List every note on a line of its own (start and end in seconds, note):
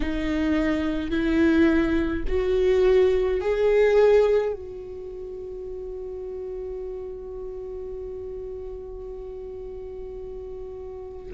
0.00 1.10 D#4
1.10 2.23 E4
2.27 3.40 F#4
3.40 4.53 G#4
4.53 11.32 F#4